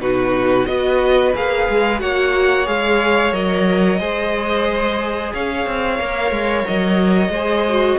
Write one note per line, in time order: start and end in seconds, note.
0.00 0.67 B2
0.00 0.67 D#4
0.00 0.68 F#4
0.00 0.66 B4
0.66 1.34 B3
0.66 1.33 F#4
0.66 2.02 B4
0.66 1.33 D#5
1.35 1.68 A#3
1.35 1.99 G#4
1.35 2.00 F5
1.69 2.02 G#3
1.99 2.67 A#3
1.99 2.65 F#4
1.99 4.00 C#5
1.99 2.67 F#5
2.65 3.33 G#3
2.65 3.32 G#4
2.65 3.33 F5
3.32 3.99 F#3
3.32 3.99 A#4
3.32 5.33 D#5
3.99 5.33 G#3
3.99 5.99 G#4
3.99 5.33 C5
5.34 5.66 C#4
5.34 7.32 C#5
5.34 6.67 F5
5.66 5.99 C4
5.99 6.31 A#3
5.99 7.32 A#4
6.31 6.64 G#3
6.67 7.29 F#3
6.67 7.99 D#5
7.29 7.95 G#3
7.29 7.98 C5
7.35 7.68 G#4
7.69 7.99 F#4